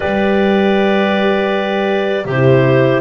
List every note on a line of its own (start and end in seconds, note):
0.00 2.25 G3
0.00 2.28 G4
0.00 2.25 B4
0.00 2.27 D5
2.25 3.01 C3
2.25 3.01 G4
2.25 3.01 C5
2.32 3.01 E4